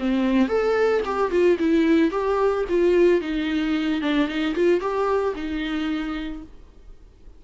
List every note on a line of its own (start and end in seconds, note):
0.00 0.48 C4
0.48 1.02 A4
1.05 1.32 G4
1.32 1.59 F4
1.59 2.12 E4
2.12 2.65 G4
2.69 3.21 F4
3.21 4.02 D#4
4.02 4.28 D4
4.28 4.55 D#4
4.55 4.81 F4
4.81 5.34 G4
5.36 6.43 D#4